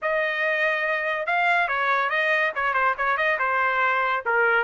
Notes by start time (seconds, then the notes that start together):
0.02 D#5
1.26 F5
1.67 C#5
2.09 D#5
2.55 C#5
2.73 C5
2.97 C#5
3.17 D#5
3.39 C5
4.25 A#4